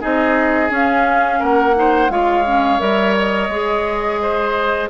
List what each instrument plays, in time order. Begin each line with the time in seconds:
0.00 bassoon C4, clarinet D#4, oboe G#4, flute D#5
0.69 clarinet C#4, bassoon C#4, flute F5
1.39 bassoon A#3, oboe A#4, flute F#5
1.74 clarinet D#4, oboe C5
2.09 bassoon G#3, clarinet F4, oboe C#5, flute F5
2.44 clarinet C#4
2.79 bassoon G3, clarinet A#4, flute E5
3.17 flute D#5
3.48 bassoon G#3, clarinet G#4
4.22 oboe C5